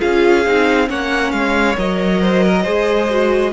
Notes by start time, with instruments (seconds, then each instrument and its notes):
0.00 cello C#4, viola F4, violin G#4 F5
0.46 cello C4, viola D#4
0.87 cello A#3, viola C#4, violin C#5 F#5
1.31 cello G#3, violin F5
1.77 cello F#3, viola A#4, violin D#5
2.22 violin C5
2.44 violin A#4
2.63 cello G#3, viola G#4, violin C5
3.10 viola F#4